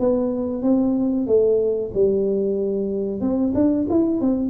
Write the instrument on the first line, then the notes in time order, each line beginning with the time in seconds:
tuba
0.00 B3
0.62 C4
1.27 A3
1.94 G3
3.21 C4
3.55 D4
3.90 E4
4.21 C4